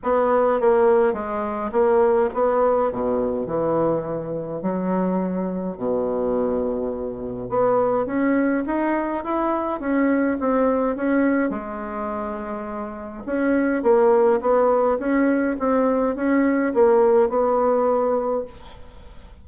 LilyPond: \new Staff \with { instrumentName = "bassoon" } { \time 4/4 \tempo 4 = 104 b4 ais4 gis4 ais4 | b4 b,4 e2 | fis2 b,2~ | b,4 b4 cis'4 dis'4 |
e'4 cis'4 c'4 cis'4 | gis2. cis'4 | ais4 b4 cis'4 c'4 | cis'4 ais4 b2 | }